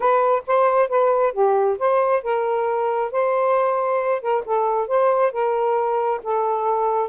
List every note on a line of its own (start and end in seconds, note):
0.00 0.42 B4
0.46 0.88 C5
0.88 1.33 B4
1.33 1.77 G4
1.78 2.22 C5
2.22 3.11 A#4
3.11 4.21 C5
4.21 4.43 A#4
4.45 4.87 A4
4.87 5.32 C5
5.32 6.20 A#4
6.23 7.09 A4